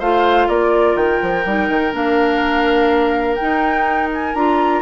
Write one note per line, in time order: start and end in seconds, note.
0.00 0.49 A3
0.00 1.47 F4
0.00 0.48 C5
0.00 0.49 F5
0.49 0.96 A#3
0.49 4.83 A#4
0.49 0.97 D5
0.96 1.20 D#3
0.96 1.94 G5
1.22 1.46 F3
1.46 1.69 G3
1.46 1.92 D#4
1.69 1.93 D#3
1.92 3.39 A#3
1.92 3.37 D4
1.92 3.36 F5
3.36 4.36 D#4
3.36 4.09 G5
3.42 4.35 D#4
4.14 4.35 G#5
4.35 4.83 D4
4.35 4.83 F4
4.35 4.83 A#5